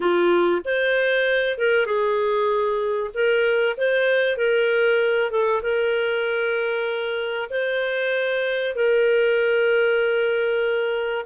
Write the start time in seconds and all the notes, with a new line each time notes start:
0.00 F4
0.64 C5
1.58 A#4
1.86 G#4
3.14 A#4
3.77 C5
4.37 A#4
5.30 A4
5.62 A#4
7.50 C5
8.75 A#4